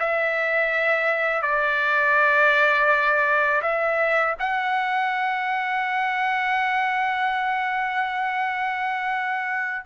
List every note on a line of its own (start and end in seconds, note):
0.00 1.42 E5
1.42 3.62 D5
3.63 4.36 E5
4.39 9.86 F#5